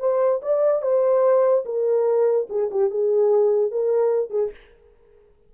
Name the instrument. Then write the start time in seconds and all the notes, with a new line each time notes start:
horn
0.00 C5
0.42 D5
0.83 C5
1.66 A#4
2.50 G#4
2.71 G4
2.91 G#4
3.72 A#4
4.31 G#4